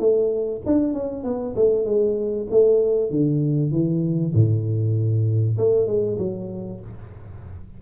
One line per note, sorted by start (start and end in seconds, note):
0.00 0.62 A3
0.66 0.94 D4
0.94 1.25 C#4
1.25 1.55 B3
1.56 1.86 A3
1.86 2.47 G#3
2.51 3.11 A3
3.11 3.72 D3
3.72 4.34 E3
4.34 5.58 A2
5.58 5.87 A3
5.87 6.18 G#3
6.19 6.81 F#3